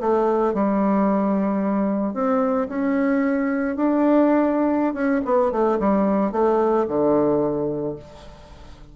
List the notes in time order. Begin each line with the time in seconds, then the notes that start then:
0.00 A3
0.53 G3
2.14 C4
2.68 C#4
3.76 D4
4.94 C#4
5.25 B3
5.52 A3
5.79 G3
6.32 A3
6.87 D3